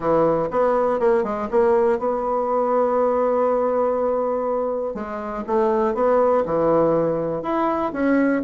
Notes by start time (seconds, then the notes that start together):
0.00 E3
0.50 B3
0.99 A#3
1.23 G#3
1.50 A#3
1.98 B3
4.94 G#3
5.46 A3
5.94 B3
6.45 E3
7.42 E4
7.92 C#4